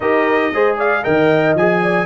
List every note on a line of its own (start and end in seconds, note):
0.00 0.52 D#4
0.00 0.53 G4
0.00 0.53 A#4
0.00 0.76 D#5
0.52 1.04 G#3
0.52 1.03 G#4
0.52 0.77 C5
0.77 1.03 D5
0.77 1.04 F5
1.03 1.54 D#3
1.03 1.55 A#4
1.03 1.81 D#5
1.03 1.55 G5
1.54 2.05 F3
1.54 2.05 G#4
1.54 2.05 G#5
1.82 2.05 D5